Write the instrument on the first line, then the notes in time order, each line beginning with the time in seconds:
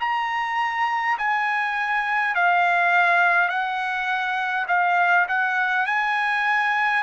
trumpet
0.00 A#5
1.18 G#5
2.35 F5
3.49 F#5
4.68 F5
5.28 F#5
5.86 G#5